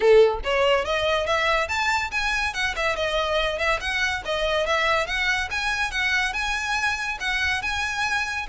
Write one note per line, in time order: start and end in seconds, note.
0.00 0.39 A4
0.44 0.84 C#5
0.84 1.26 D#5
1.26 1.68 E5
1.68 2.10 A5
2.11 2.53 G#5
2.53 2.74 F#5
2.75 2.95 E5
2.95 3.58 D#5
3.58 3.79 E5
3.80 4.22 F#5
4.25 4.66 D#5
4.66 5.06 E5
5.06 5.49 F#5
5.50 5.91 G#5
5.91 6.33 F#5
6.33 7.17 G#5
7.19 7.62 F#5
7.62 8.46 G#5